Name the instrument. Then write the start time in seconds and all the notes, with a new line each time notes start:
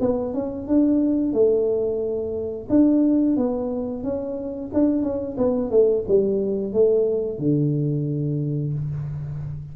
tuba
0.00 B3
0.34 C#4
0.67 D4
1.33 A3
2.69 D4
3.36 B3
4.03 C#4
4.73 D4
5.03 C#4
5.37 B3
5.71 A3
6.08 G3
6.73 A3
7.38 D3